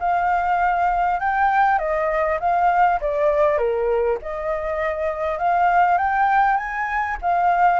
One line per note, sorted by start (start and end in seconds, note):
0.00 1.20 F5
1.20 1.79 G5
1.79 2.39 D#5
2.40 3.00 F5
3.01 3.58 D5
3.58 4.18 A#4
4.22 5.39 D#5
5.39 5.98 F5
5.98 6.57 G5
6.57 7.17 G#5
7.22 7.80 F5